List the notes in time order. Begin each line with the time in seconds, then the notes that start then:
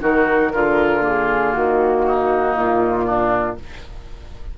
0.00 D#3 D#4 F#4 A#4
0.53 D3 F4
1.01 A#3 G#4
1.53 D#3 F#4
2.06 D#4
2.56 A#2 F4
3.06 D4